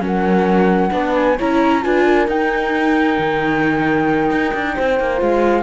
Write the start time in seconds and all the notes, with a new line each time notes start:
0.00 F#3 C#4 A#4
0.07 F#5
0.91 B3 D4 B4
1.16 G#5
1.37 C#4 E4 C#5 A#5
1.83 D4 F4 B4 G#5
2.05 A#4
2.28 D#4 G5
3.19 D#3
4.31 D#4
4.55 D4
4.75 C4 C5
5.00 A#3
5.18 G#3 F4 F5